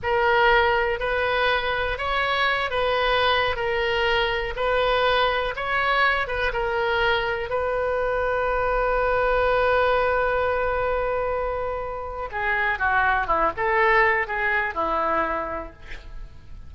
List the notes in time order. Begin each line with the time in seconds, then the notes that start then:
0.02 A#4
0.99 B4
1.98 C#5
2.70 B4
3.55 A#4
4.56 B4
5.56 C#5
6.27 B4
6.52 A#4
7.49 B4
12.31 G#4
12.78 F#4
13.26 E4
13.56 A4
14.27 G#4
14.74 E4